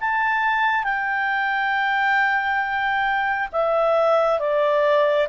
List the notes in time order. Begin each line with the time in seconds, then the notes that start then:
0.00 A5
0.83 G5
3.52 E5
4.40 D5